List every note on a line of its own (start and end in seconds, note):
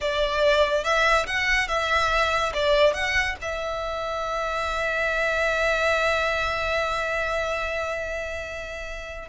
0.00 0.83 D5
0.83 1.26 E5
1.26 1.68 F#5
1.68 2.52 E5
2.53 2.93 D5
2.93 3.36 F#5
3.41 9.29 E5